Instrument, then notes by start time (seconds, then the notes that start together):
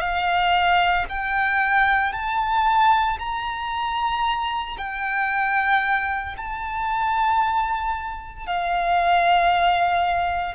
violin
0.00 F5
1.09 G5
2.12 A5
3.19 A#5
4.78 G5
6.37 A5
8.47 F5